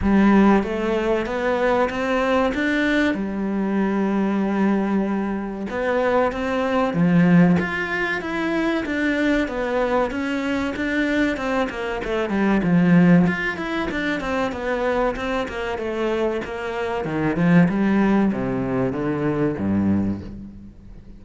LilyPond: \new Staff \with { instrumentName = "cello" } { \time 4/4 \tempo 4 = 95 g4 a4 b4 c'4 | d'4 g2.~ | g4 b4 c'4 f4 | f'4 e'4 d'4 b4 |
cis'4 d'4 c'8 ais8 a8 g8 | f4 f'8 e'8 d'8 c'8 b4 | c'8 ais8 a4 ais4 dis8 f8 | g4 c4 d4 g,4 | }